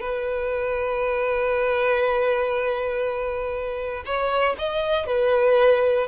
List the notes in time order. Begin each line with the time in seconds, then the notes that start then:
0.00 B4
4.05 C#5
4.58 D#5
5.06 B4